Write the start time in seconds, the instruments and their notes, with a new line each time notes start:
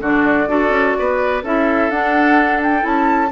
0.00 bassoon D3, clarinet D4, oboe F#4, flute D5
0.47 bassoon D4, clarinet F#4, oboe A4
0.69 bassoon C#4
0.99 bassoon B3, oboe B4
1.42 bassoon C#4, clarinet E4, oboe A4, flute E5
1.90 bassoon D4, clarinet D4, flute F#5
2.63 flute G5
2.80 bassoon C#4, clarinet E4, flute A5